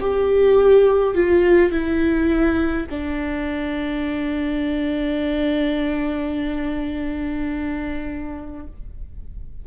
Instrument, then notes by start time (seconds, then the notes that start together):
viola
0.00 G4
1.14 F4
1.71 E4
2.90 D4